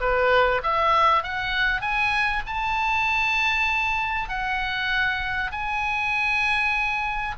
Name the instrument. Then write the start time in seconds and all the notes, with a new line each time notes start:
oboe
0.00 B4
0.63 E5
1.23 F#5
1.81 G#5
2.46 A5
4.28 F#5
5.51 G#5